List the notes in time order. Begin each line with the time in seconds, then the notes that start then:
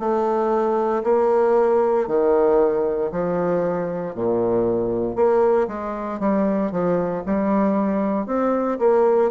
0.00 A3
1.04 A#3
2.08 D#3
3.12 F3
4.15 A#2
5.16 A#3
5.68 G#3
6.20 G3
6.72 F3
7.26 G3
8.27 C4
8.79 A#3